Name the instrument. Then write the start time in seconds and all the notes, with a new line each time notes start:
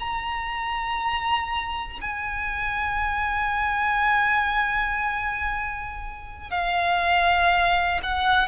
violin
0.00 A#5
2.02 G#5
6.51 F5
8.03 F#5